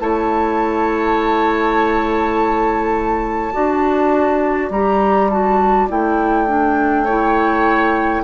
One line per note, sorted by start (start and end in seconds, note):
0.00 3.53 A3
0.00 3.53 E4
0.00 3.54 C#5
0.00 4.71 A5
3.53 4.71 D4
3.53 4.71 F#4
3.53 7.04 D5
4.71 5.88 G3
4.71 5.31 G4
4.71 5.30 A#5
5.31 5.89 F#4
5.31 5.89 A5
5.89 8.24 A3
5.89 6.47 E4
5.89 8.24 G5
6.47 7.06 D4
7.04 8.24 E4
7.04 8.22 C#5